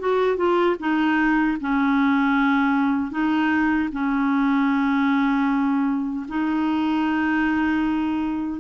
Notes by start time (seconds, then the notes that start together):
0.00 F#4
0.37 F4
0.80 D#4
1.61 C#4
3.12 D#4
3.93 C#4
6.29 D#4